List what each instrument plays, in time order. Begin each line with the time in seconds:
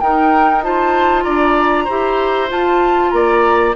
0.00 bassoon D#4, clarinet D#4, oboe A#4, flute G5
0.63 clarinet F4, oboe C5, flute A5
1.23 bassoon D4, oboe D5, flute A#5
1.85 bassoon E4, clarinet G4, oboe C5
2.48 clarinet F4, bassoon F4, flute A5
3.11 bassoon A#3, oboe D5, flute A#5